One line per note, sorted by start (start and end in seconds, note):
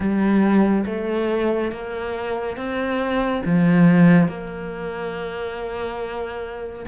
0.00 0.84 G3
0.85 1.71 A3
1.71 2.56 A#3
2.56 3.42 C4
3.45 4.28 F3
4.28 6.85 A#3